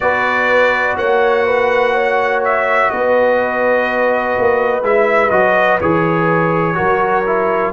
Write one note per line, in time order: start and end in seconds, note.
0.00 0.97 B3
0.00 4.83 F#4
0.00 0.98 B4
0.00 0.97 D5
0.97 2.90 A#3
0.97 1.46 C#5
0.97 2.42 F#5
1.46 1.93 B4
1.93 2.90 C#5
2.44 2.90 E5
2.90 4.37 B3
2.90 6.76 B4
2.90 4.84 D#5
4.38 4.82 A#3
4.82 5.30 G#3
4.82 5.30 E4
4.82 5.29 E5
5.29 5.79 F#3
5.29 5.78 F#4
5.29 5.78 D#5
5.80 6.77 E3
5.80 6.74 G#4
5.80 7.72 C#5
6.74 7.72 F#3
6.74 7.23 F#4
6.74 7.72 A#4
7.26 7.72 E4